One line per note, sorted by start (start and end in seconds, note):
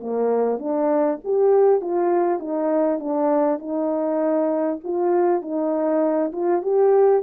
0.00 0.59 A#3
0.59 1.19 D4
1.25 1.81 G4
1.81 2.40 F4
2.40 3.00 D#4
3.00 3.59 D4
3.59 4.79 D#4
4.84 5.42 F4
5.42 6.32 D#4
6.32 6.62 F4
6.62 7.22 G4